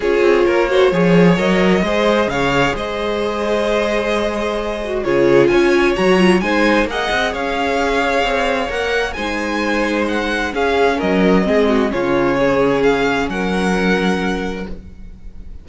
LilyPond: <<
  \new Staff \with { instrumentName = "violin" } { \time 4/4 \tempo 4 = 131 cis''2. dis''4~ | dis''4 f''4 dis''2~ | dis''2. cis''4 | gis''4 ais''4 gis''4 fis''4 |
f''2. fis''4 | gis''2 fis''4 f''4 | dis''2 cis''2 | f''4 fis''2. | }
  \new Staff \with { instrumentName = "violin" } { \time 4/4 gis'4 ais'8 c''8 cis''2 | c''4 cis''4 c''2~ | c''2. gis'4 | cis''2 c''4 dis''4 |
cis''1 | c''2. gis'4 | ais'4 gis'8 fis'8 f'4 gis'4~ | gis'4 ais'2. | }
  \new Staff \with { instrumentName = "viola" } { \time 4/4 f'4. fis'8 gis'4 ais'4 | gis'1~ | gis'2~ gis'8 fis'8 f'4~ | f'4 fis'8 f'8 dis'4 gis'4~ |
gis'2. ais'4 | dis'2. cis'4~ | cis'4 c'4 cis'2~ | cis'1 | }
  \new Staff \with { instrumentName = "cello" } { \time 4/4 cis'8 c'8 ais4 f4 fis4 | gis4 cis4 gis2~ | gis2. cis4 | cis'4 fis4 gis4 ais8 c'8 |
cis'2 c'4 ais4 | gis2. cis'4 | fis4 gis4 cis2~ | cis4 fis2. | }
>>